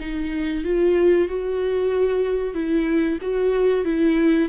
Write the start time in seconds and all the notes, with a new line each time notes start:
0.00 D#4
0.65 F4
1.28 F#4
2.55 E4
3.22 F#4
3.85 E4